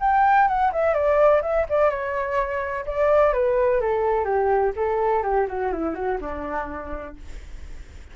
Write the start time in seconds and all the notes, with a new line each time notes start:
0.00 G5
0.48 F#5
0.72 E5
0.94 D5
1.42 E5
1.69 D5
1.90 C#5
2.86 D5
3.33 B4
3.81 A4
4.25 G4
4.76 A4
5.23 G4
5.48 F#4
5.72 E4
5.95 F#4
6.21 D4